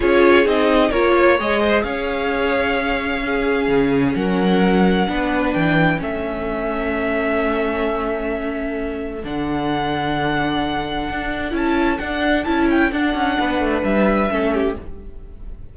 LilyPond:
<<
  \new Staff \with { instrumentName = "violin" } { \time 4/4 \tempo 4 = 130 cis''4 dis''4 cis''4 dis''4 | f''1~ | f''4 fis''2. | g''4 e''2.~ |
e''1 | fis''1~ | fis''4 a''4 fis''4 a''8 g''8 | fis''2 e''2 | }
  \new Staff \with { instrumentName = "violin" } { \time 4/4 gis'2 ais'8 cis''4 c''8 | cis''2. gis'4~ | gis'4 ais'2 b'4~ | b'4 a'2.~ |
a'1~ | a'1~ | a'1~ | a'4 b'2 a'8 g'8 | }
  \new Staff \with { instrumentName = "viola" } { \time 4/4 f'4 dis'4 f'4 gis'4~ | gis'2. cis'4~ | cis'2. d'4~ | d'4 cis'2.~ |
cis'1 | d'1~ | d'4 e'4 d'4 e'4 | d'2. cis'4 | }
  \new Staff \with { instrumentName = "cello" } { \time 4/4 cis'4 c'4 ais4 gis4 | cis'1 | cis4 fis2 b4 | e4 a2.~ |
a1 | d1 | d'4 cis'4 d'4 cis'4 | d'8 cis'8 b8 a8 g4 a4 | }
>>